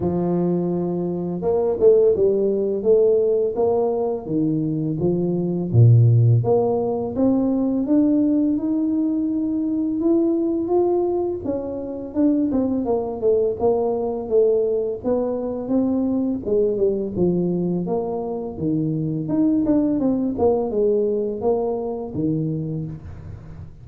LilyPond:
\new Staff \with { instrumentName = "tuba" } { \time 4/4 \tempo 4 = 84 f2 ais8 a8 g4 | a4 ais4 dis4 f4 | ais,4 ais4 c'4 d'4 | dis'2 e'4 f'4 |
cis'4 d'8 c'8 ais8 a8 ais4 | a4 b4 c'4 gis8 g8 | f4 ais4 dis4 dis'8 d'8 | c'8 ais8 gis4 ais4 dis4 | }